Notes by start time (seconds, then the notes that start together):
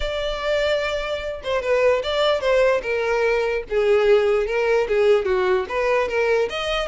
0.00 D5
1.43 C5
1.61 B4
2.03 D5
2.40 C5
2.82 A#4
3.69 G#4
4.46 A#4
4.88 G#4
5.25 F#4
5.68 B4
6.08 A#4
6.49 D#5